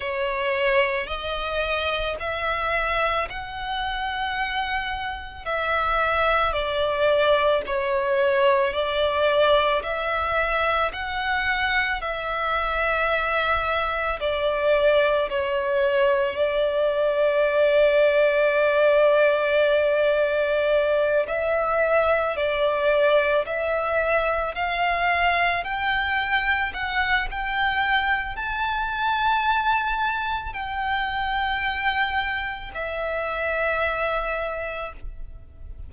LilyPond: \new Staff \with { instrumentName = "violin" } { \time 4/4 \tempo 4 = 55 cis''4 dis''4 e''4 fis''4~ | fis''4 e''4 d''4 cis''4 | d''4 e''4 fis''4 e''4~ | e''4 d''4 cis''4 d''4~ |
d''2.~ d''8 e''8~ | e''8 d''4 e''4 f''4 g''8~ | g''8 fis''8 g''4 a''2 | g''2 e''2 | }